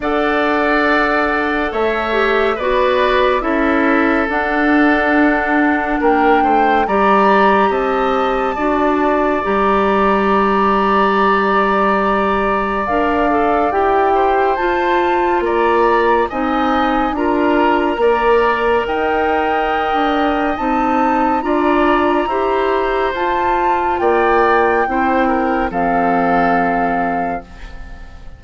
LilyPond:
<<
  \new Staff \with { instrumentName = "flute" } { \time 4/4 \tempo 4 = 70 fis''2 e''4 d''4 | e''4 fis''2 g''4 | ais''4 a''2 ais''4~ | ais''2. f''4 |
g''4 a''4 ais''4 gis''4 | ais''2 g''2 | a''4 ais''2 a''4 | g''2 f''2 | }
  \new Staff \with { instrumentName = "oboe" } { \time 4/4 d''2 cis''4 b'4 | a'2. ais'8 c''8 | d''4 dis''4 d''2~ | d''1~ |
d''8 c''4. d''4 dis''4 | ais'4 d''4 dis''2~ | dis''4 d''4 c''2 | d''4 c''8 ais'8 a'2 | }
  \new Staff \with { instrumentName = "clarinet" } { \time 4/4 a'2~ a'8 g'8 fis'4 | e'4 d'2. | g'2 fis'4 g'4~ | g'2. ais'8 a'8 |
g'4 f'2 dis'4 | f'4 ais'2. | dis'4 f'4 g'4 f'4~ | f'4 e'4 c'2 | }
  \new Staff \with { instrumentName = "bassoon" } { \time 4/4 d'2 a4 b4 | cis'4 d'2 ais8 a8 | g4 c'4 d'4 g4~ | g2. d'4 |
e'4 f'4 ais4 c'4 | d'4 ais4 dis'4~ dis'16 d'8. | c'4 d'4 e'4 f'4 | ais4 c'4 f2 | }
>>